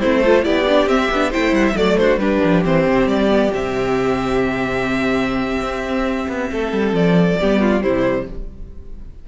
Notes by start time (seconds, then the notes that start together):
0.00 A3 C4 E4 C5
0.20 F4 A4
0.43 B3 E4 G4 D5
0.68 D4
0.86 C4 E5
1.11 B3 D4
1.30 E4 C5 G5
1.36 A3
1.52 G3 F#5
1.67 E5
1.75 F#3 A3 D5
1.97 D4 F#4 C5
2.17 G3 D4 G4 B4
2.44 F3
2.64 E3 C4 C5
2.87 C3
3.06 G3 D5
3.29 B3
3.54 C3 C4 E5
5.61 C4
6.28 B3
6.52 A3 A4
6.72 G3
6.93 F3 D5
7.40 G3 B3 G4
7.61 F4
7.82 C3 G3 E4 C5